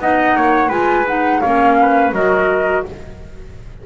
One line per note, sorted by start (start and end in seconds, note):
0.00 0.36 B3
0.00 0.70 D#4
0.00 0.37 D#5
0.00 0.71 F#5
0.36 0.70 A#3
0.36 0.69 C#5
0.69 1.41 G#3
0.69 1.06 F4
0.69 1.40 B4
0.69 1.07 G#5
1.07 1.43 D#4
1.07 1.41 F#5
1.41 2.12 A#3
1.41 2.15 C#4
1.41 1.77 C#5
1.41 2.12 F5
1.82 2.15 B4
2.12 2.84 F#3
2.12 2.86 F#4
2.12 2.86 A#4
2.12 2.85 D#5